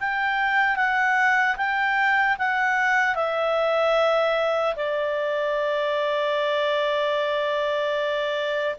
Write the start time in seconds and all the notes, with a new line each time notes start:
0.00 G5
0.76 F#5
1.56 G5
2.38 F#5
3.15 E5
4.76 D5